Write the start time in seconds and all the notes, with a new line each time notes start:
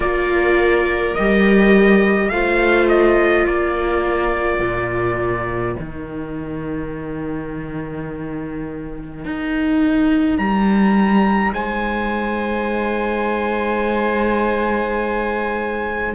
0.00 A#3 F4 A#4 D5
1.14 G3 G4 D#5
2.29 A3 F4 C5 F5
2.88 D#5
3.45 A#3 A#4 D5
4.60 A#2
5.76 D#3 D#4 G5
9.25 D#4
10.37 G3 A#5
11.52 G#3 C5 G#5